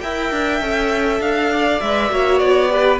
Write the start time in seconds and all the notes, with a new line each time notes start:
0.00 E4 A#4 E5 G5
0.30 D4
0.60 C#4 A4
1.20 D4 F5
1.52 D5
1.80 G#3 B4 E5
2.10 A#3 F#4 C#5
2.38 B3 D5
2.69 G4 B4